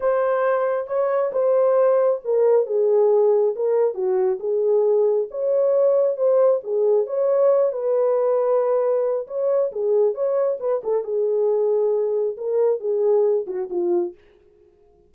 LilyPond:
\new Staff \with { instrumentName = "horn" } { \time 4/4 \tempo 4 = 136 c''2 cis''4 c''4~ | c''4 ais'4 gis'2 | ais'4 fis'4 gis'2 | cis''2 c''4 gis'4 |
cis''4. b'2~ b'8~ | b'4 cis''4 gis'4 cis''4 | b'8 a'8 gis'2. | ais'4 gis'4. fis'8 f'4 | }